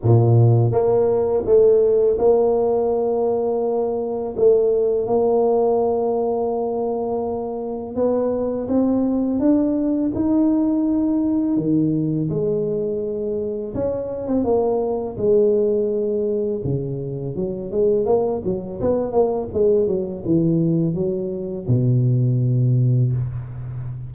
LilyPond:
\new Staff \with { instrumentName = "tuba" } { \time 4/4 \tempo 4 = 83 ais,4 ais4 a4 ais4~ | ais2 a4 ais4~ | ais2. b4 | c'4 d'4 dis'2 |
dis4 gis2 cis'8. c'16 | ais4 gis2 cis4 | fis8 gis8 ais8 fis8 b8 ais8 gis8 fis8 | e4 fis4 b,2 | }